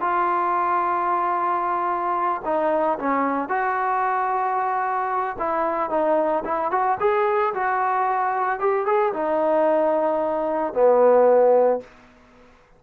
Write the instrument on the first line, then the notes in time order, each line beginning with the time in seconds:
trombone
0.00 F4
2.44 D#4
2.99 C#4
3.49 F#4
5.38 E4
5.90 D#4
6.45 E4
6.71 F#4
7.00 G#4
7.53 F#4
8.59 G4
8.85 G#4
9.13 D#4
10.73 B3